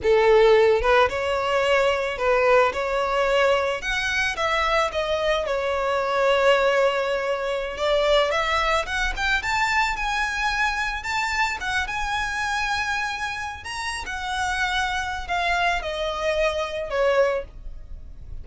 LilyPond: \new Staff \with { instrumentName = "violin" } { \time 4/4 \tempo 4 = 110 a'4. b'8 cis''2 | b'4 cis''2 fis''4 | e''4 dis''4 cis''2~ | cis''2~ cis''16 d''4 e''8.~ |
e''16 fis''8 g''8 a''4 gis''4.~ gis''16~ | gis''16 a''4 fis''8 gis''2~ gis''16~ | gis''4 ais''8. fis''2~ fis''16 | f''4 dis''2 cis''4 | }